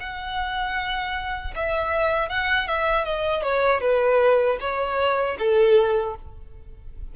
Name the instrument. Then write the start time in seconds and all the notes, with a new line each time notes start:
violin
0.00 F#5
1.55 E5
2.29 F#5
2.67 E5
3.05 D#5
3.42 C#5
3.81 B4
4.60 C#5
5.38 A4